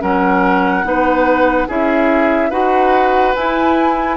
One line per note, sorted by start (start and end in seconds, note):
0.00 0.84 F#3
0.00 0.83 C#4
0.00 0.85 A#4
0.00 1.68 F#5
0.84 1.67 B3
0.84 1.68 D#4
0.84 1.68 B4
1.68 2.51 C#4
1.68 2.51 E4
1.68 2.50 G#4
1.68 2.51 E5
2.50 3.34 D#4
2.50 3.34 F#4
2.50 4.16 B4
2.50 3.34 F#5
3.35 4.17 E4
3.35 4.17 G#5